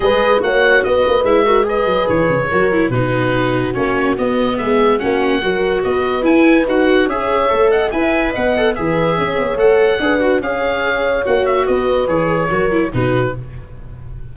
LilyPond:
<<
  \new Staff \with { instrumentName = "oboe" } { \time 4/4 \tempo 4 = 144 dis''4 fis''4 dis''4 e''4 | dis''4 cis''2 b'4~ | b'4 cis''4 dis''4 e''4 | fis''2 dis''4 gis''4 |
fis''4 e''4. fis''8 gis''4 | fis''4 e''2 fis''4~ | fis''4 f''2 fis''8 e''8 | dis''4 cis''2 b'4 | }
  \new Staff \with { instrumentName = "horn" } { \time 4/4 b'4 cis''4 b'4. ais'8 | b'2 ais'4 fis'4~ | fis'2. gis'4 | fis'4 ais'4 b'2~ |
b'4 cis''4. dis''8 e''4 | dis''4 b'4 cis''2 | b'4 cis''2. | b'2 ais'4 fis'4 | }
  \new Staff \with { instrumentName = "viola" } { \time 4/4 gis'4 fis'2 e'8 fis'8 | gis'2 fis'8 e'8 dis'4~ | dis'4 cis'4 b2 | cis'4 fis'2 e'4 |
fis'4 gis'4 a'4 b'4~ | b'8 a'8 gis'2 a'4 | gis'8 fis'8 gis'2 fis'4~ | fis'4 gis'4 fis'8 e'8 dis'4 | }
  \new Staff \with { instrumentName = "tuba" } { \time 4/4 gis4 ais4 b8 ais8 gis4~ | gis8 fis8 e8 cis8 fis4 b,4~ | b,4 ais4 b4 gis4 | ais4 fis4 b4 e'4 |
dis'4 cis'4 a4 e'4 | b4 e4 cis'8 b8 a4 | d'4 cis'2 ais4 | b4 e4 fis4 b,4 | }
>>